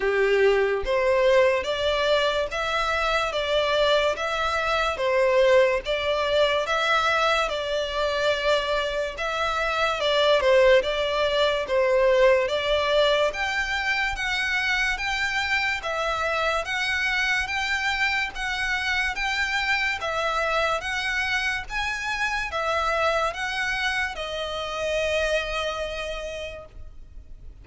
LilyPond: \new Staff \with { instrumentName = "violin" } { \time 4/4 \tempo 4 = 72 g'4 c''4 d''4 e''4 | d''4 e''4 c''4 d''4 | e''4 d''2 e''4 | d''8 c''8 d''4 c''4 d''4 |
g''4 fis''4 g''4 e''4 | fis''4 g''4 fis''4 g''4 | e''4 fis''4 gis''4 e''4 | fis''4 dis''2. | }